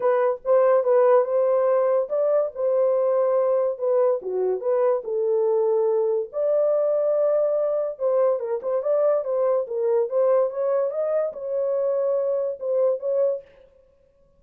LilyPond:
\new Staff \with { instrumentName = "horn" } { \time 4/4 \tempo 4 = 143 b'4 c''4 b'4 c''4~ | c''4 d''4 c''2~ | c''4 b'4 fis'4 b'4 | a'2. d''4~ |
d''2. c''4 | ais'8 c''8 d''4 c''4 ais'4 | c''4 cis''4 dis''4 cis''4~ | cis''2 c''4 cis''4 | }